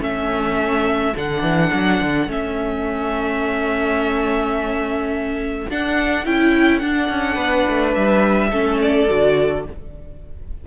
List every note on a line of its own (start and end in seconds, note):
0.00 1.14 A3
0.00 1.13 C#4
0.00 7.35 A4
0.00 1.16 E5
1.16 1.41 D3
1.16 2.28 D4
1.16 2.31 F#5
1.41 1.70 E3
1.73 2.01 F#3
2.01 2.26 D3
2.26 5.66 A3
2.26 5.68 C#4
2.26 5.70 E5
5.70 6.25 D4
5.70 6.26 F#5
6.25 6.82 C#4
6.25 6.81 E4
6.25 6.79 G5
6.79 8.51 D4
6.79 7.08 D4
6.79 7.92 F#5
7.08 7.36 C#4
7.35 7.65 B3
7.35 8.48 B4
7.69 7.96 A3
7.94 8.51 G3
7.94 8.79 E5
8.51 9.07 A3
8.51 9.08 C#4
8.51 9.64 A4
8.81 9.66 D5
9.09 9.67 D3
9.09 9.65 F#4